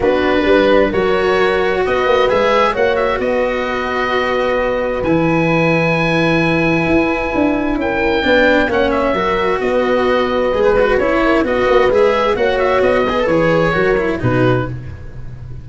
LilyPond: <<
  \new Staff \with { instrumentName = "oboe" } { \time 4/4 \tempo 4 = 131 b'2 cis''2 | dis''4 e''4 fis''8 e''8 dis''4~ | dis''2. gis''4~ | gis''1~ |
gis''4 g''2 fis''8 e''8~ | e''4 dis''2~ dis''16 b'8. | cis''4 dis''4 e''4 fis''8 e''8 | dis''4 cis''2 b'4 | }
  \new Staff \with { instrumentName = "horn" } { \time 4/4 fis'4 b'4 ais'2 | b'2 cis''4 b'4~ | b'1~ | b'1~ |
b'4 ais'4 b'4 cis''4 | ais'4 b'2.~ | b'8 ais'8 b'2 cis''4~ | cis''8 b'4. ais'4 fis'4 | }
  \new Staff \with { instrumentName = "cello" } { \time 4/4 d'2 fis'2~ | fis'4 gis'4 fis'2~ | fis'2. e'4~ | e'1~ |
e'2 d'4 cis'4 | fis'2. gis'8 fis'8 | e'4 fis'4 gis'4 fis'4~ | fis'8 gis'16 a'16 gis'4 fis'8 e'8 dis'4 | }
  \new Staff \with { instrumentName = "tuba" } { \time 4/4 b4 g4 fis2 | b8 ais8 gis4 ais4 b4~ | b2. e4~ | e2. e'4 |
d'4 cis'4 b4 ais4 | fis4 b2 gis4 | cis'4 b8 ais8 gis4 ais4 | b4 e4 fis4 b,4 | }
>>